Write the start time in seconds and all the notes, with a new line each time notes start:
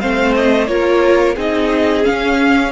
0.00 A3 C4 C5 F5
0.36 D#5
0.67 A#3 F4 A#4 C#5
1.35 C4 D#4 G#4 D#5
2.04 C#4 F5